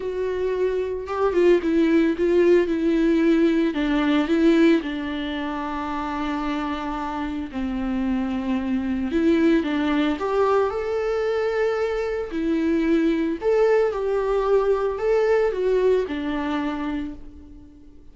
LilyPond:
\new Staff \with { instrumentName = "viola" } { \time 4/4 \tempo 4 = 112 fis'2 g'8 f'8 e'4 | f'4 e'2 d'4 | e'4 d'2.~ | d'2 c'2~ |
c'4 e'4 d'4 g'4 | a'2. e'4~ | e'4 a'4 g'2 | a'4 fis'4 d'2 | }